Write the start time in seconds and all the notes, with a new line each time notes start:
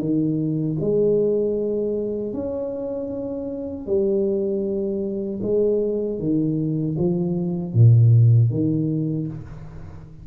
0.00 D#3
0.81 G#3
2.34 C#4
3.87 G3
5.43 G#3
6.20 D#3
6.98 F3
7.74 A#2
8.51 D#3